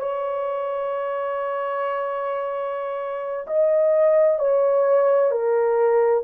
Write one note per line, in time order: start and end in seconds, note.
0.00 3.46 C#5
3.47 4.39 D#5
4.39 5.31 C#5
5.31 6.23 A#4